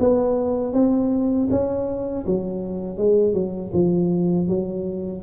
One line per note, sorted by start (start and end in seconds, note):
0.00 0.74 B3
0.74 1.49 C4
1.51 2.26 C#4
2.27 2.98 F#3
2.98 3.34 G#3
3.34 3.72 F#3
3.74 4.48 F3
4.48 5.23 F#3